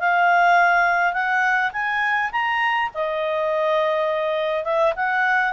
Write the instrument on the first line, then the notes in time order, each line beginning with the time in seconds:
clarinet
0.00 F5
1.13 F#5
1.73 G#5
2.32 A#5
2.94 D#5
4.64 E5
4.96 F#5